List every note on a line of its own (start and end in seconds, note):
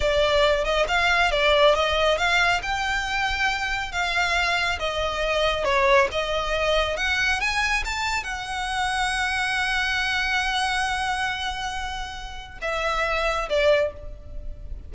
0.00 0.64 D5
0.64 0.86 D#5
0.88 1.31 F5
1.31 1.74 D5
1.75 2.17 D#5
2.17 2.61 F5
2.62 3.92 G5
3.92 4.78 F5
4.79 5.64 D#5
5.64 6.08 C#5
6.11 6.97 D#5
6.97 7.40 F#5
7.40 7.83 G#5
7.84 8.23 A5
8.23 12.58 F#5
12.61 13.48 E5
13.49 13.92 D5